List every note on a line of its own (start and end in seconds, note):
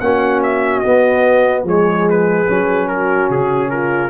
0.00 0.82 A#3
0.00 0.84 C#4
0.00 1.65 F#4
0.00 0.41 F#5
0.43 0.80 E5
0.80 1.66 B3
0.80 1.64 B3
0.80 1.62 D#5
1.64 2.46 F3
1.64 2.46 G#3
1.64 2.88 G#4
1.64 2.09 C#5
2.10 2.88 B4
2.46 3.30 F#3
2.46 4.10 C#4
2.88 3.71 F#4
2.88 3.29 A#4
3.30 4.10 C#3
3.30 3.70 G#4
3.70 4.10 F4
3.70 4.10 A#4